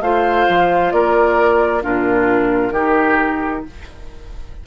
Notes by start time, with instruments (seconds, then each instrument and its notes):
0.00 bassoon A3, clarinet F4, oboe C5, flute F5
0.48 bassoon F3
0.91 bassoon A#3, oboe A#4, flute D5
1.81 bassoon A#2, clarinet D4, oboe F4, flute A#4
2.71 bassoon D#3, clarinet D#4, oboe G4